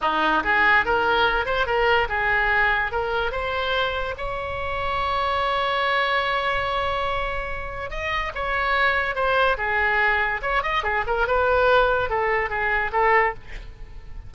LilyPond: \new Staff \with { instrumentName = "oboe" } { \time 4/4 \tempo 4 = 144 dis'4 gis'4 ais'4. c''8 | ais'4 gis'2 ais'4 | c''2 cis''2~ | cis''1~ |
cis''2. dis''4 | cis''2 c''4 gis'4~ | gis'4 cis''8 dis''8 gis'8 ais'8 b'4~ | b'4 a'4 gis'4 a'4 | }